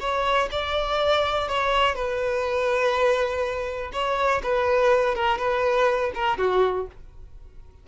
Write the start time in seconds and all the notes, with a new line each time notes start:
0.00 C#5
0.51 D5
1.48 C#5
1.95 B4
3.93 C#5
4.43 B4
5.15 A#4
5.38 B4
6.15 A#4
6.38 F#4